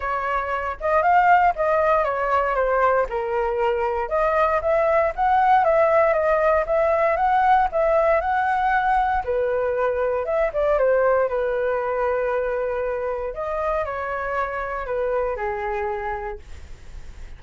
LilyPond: \new Staff \with { instrumentName = "flute" } { \time 4/4 \tempo 4 = 117 cis''4. dis''8 f''4 dis''4 | cis''4 c''4 ais'2 | dis''4 e''4 fis''4 e''4 | dis''4 e''4 fis''4 e''4 |
fis''2 b'2 | e''8 d''8 c''4 b'2~ | b'2 dis''4 cis''4~ | cis''4 b'4 gis'2 | }